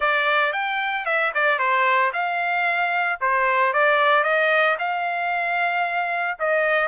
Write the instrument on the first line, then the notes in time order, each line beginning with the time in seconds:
trumpet
0.00 D5
0.53 G5
1.05 E5
1.34 D5
1.59 C5
2.13 F5
3.21 C5
3.73 D5
4.23 D#5
4.78 F5
6.39 D#5